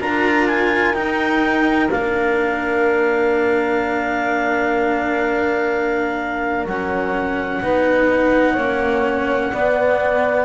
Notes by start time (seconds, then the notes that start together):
0.00 D4 F4 A#4 A#5
0.47 G#5
0.94 D#4 G5
1.90 A#3 D4 F5
6.65 F#3 C#4 F#5
7.62 B3 D#4 B4
8.53 A#3 C#4 C#5
9.52 B3 D5